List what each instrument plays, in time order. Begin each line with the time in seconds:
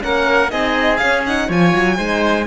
0.00 cello A#3, horn C#4, oboe A#4, violin F#5
0.50 cello C4, horn D#4, oboe G#4, violin D#5
0.97 horn C#4, cello C#4, violin F5
1.26 horn D#4, violin F#5
1.48 cello F3, horn F4, oboe C#5, violin G#5
1.74 cello F#3
1.97 cello G#3, horn D#4, oboe C5